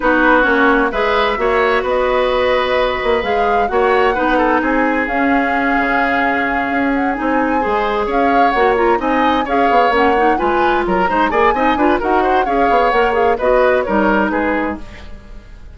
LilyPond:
<<
  \new Staff \with { instrumentName = "flute" } { \time 4/4 \tempo 4 = 130 b'4 cis''4 e''2 | dis''2. f''4 | fis''2 gis''4 f''4~ | f''2. fis''8 gis''8~ |
gis''4. f''4 fis''8 ais''8 gis''8~ | gis''8 f''4 fis''4 gis''4 ais''8~ | ais''8 gis''4. fis''4 f''4 | fis''8 f''8 dis''4 cis''4 b'4 | }
  \new Staff \with { instrumentName = "oboe" } { \time 4/4 fis'2 b'4 cis''4 | b'1 | cis''4 b'8 a'8 gis'2~ | gis'1~ |
gis'8 c''4 cis''2 dis''8~ | dis''8 cis''2 b'4 ais'8 | c''8 d''8 dis''8 b'8 ais'8 c''8 cis''4~ | cis''4 b'4 ais'4 gis'4 | }
  \new Staff \with { instrumentName = "clarinet" } { \time 4/4 dis'4 cis'4 gis'4 fis'4~ | fis'2. gis'4 | fis'4 dis'2 cis'4~ | cis'2.~ cis'8 dis'8~ |
dis'8 gis'2 fis'8 f'8 dis'8~ | dis'8 gis'4 cis'8 dis'8 f'4. | dis'8 gis'8 dis'8 f'8 fis'4 gis'4 | ais'8 gis'8 fis'4 dis'2 | }
  \new Staff \with { instrumentName = "bassoon" } { \time 4/4 b4 ais4 gis4 ais4 | b2~ b8 ais8 gis4 | ais4 b4 c'4 cis'4~ | cis'8 cis2 cis'4 c'8~ |
c'8 gis4 cis'4 ais4 c'8~ | c'8 cis'8 b8 ais4 gis4 fis8 | gis8 ais8 c'8 d'8 dis'4 cis'8 b8 | ais4 b4 g4 gis4 | }
>>